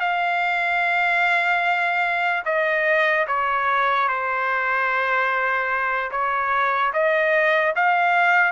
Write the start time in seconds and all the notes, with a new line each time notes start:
0.00 F5
2.45 D#5
3.28 C#5
4.08 C5
6.11 C#5
6.93 D#5
7.76 F5